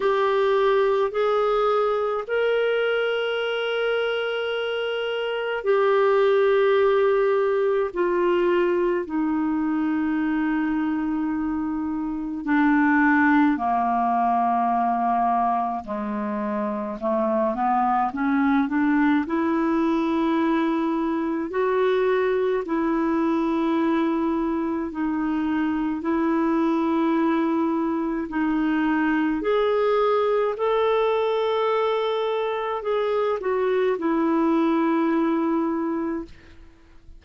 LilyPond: \new Staff \with { instrumentName = "clarinet" } { \time 4/4 \tempo 4 = 53 g'4 gis'4 ais'2~ | ais'4 g'2 f'4 | dis'2. d'4 | ais2 gis4 a8 b8 |
cis'8 d'8 e'2 fis'4 | e'2 dis'4 e'4~ | e'4 dis'4 gis'4 a'4~ | a'4 gis'8 fis'8 e'2 | }